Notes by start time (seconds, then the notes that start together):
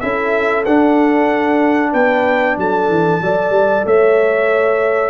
0.00 C#4 E4 A4 E5
0.65 D4 F#5
1.92 B3 B4 G5
2.57 F#3 A4 A5
2.89 E3
3.21 F#3 A4 D5
3.50 G3
3.86 A3 C#5 E5